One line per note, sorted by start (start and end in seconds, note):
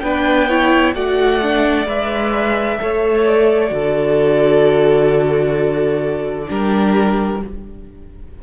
0.00 0.95 B3
0.00 0.50 D4
0.00 0.48 B4
0.00 0.92 G5
0.48 0.95 E4
0.48 0.95 C#5
0.95 1.87 A3
0.95 1.41 F#4
0.95 2.79 D5
0.95 1.88 F#5
1.42 1.87 D4
1.87 2.79 G#3
1.87 2.79 B4
1.87 3.27 E5
2.80 3.71 A3
2.80 3.68 A4
2.80 3.74 C#5
3.27 6.50 D5
3.68 6.48 D3
3.68 6.45 F#4
3.68 6.49 A4
6.48 7.43 G3
6.48 7.40 D4
6.48 7.41 G4
6.48 7.42 A#4